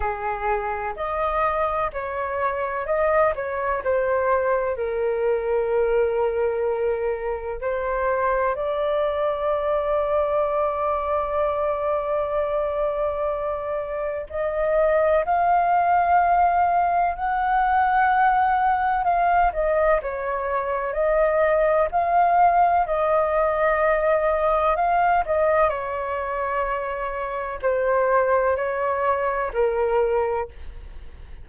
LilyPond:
\new Staff \with { instrumentName = "flute" } { \time 4/4 \tempo 4 = 63 gis'4 dis''4 cis''4 dis''8 cis''8 | c''4 ais'2. | c''4 d''2.~ | d''2. dis''4 |
f''2 fis''2 | f''8 dis''8 cis''4 dis''4 f''4 | dis''2 f''8 dis''8 cis''4~ | cis''4 c''4 cis''4 ais'4 | }